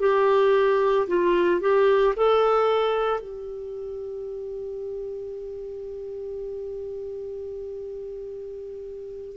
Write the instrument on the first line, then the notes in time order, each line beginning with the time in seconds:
clarinet
0.00 G4
1.08 F4
1.61 G4
2.16 A4
3.20 G4